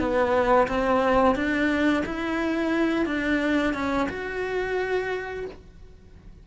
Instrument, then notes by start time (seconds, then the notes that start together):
cello
0.00 B3
0.68 C4
1.36 D4
2.06 E4
3.07 D4
3.74 C#4
4.09 F#4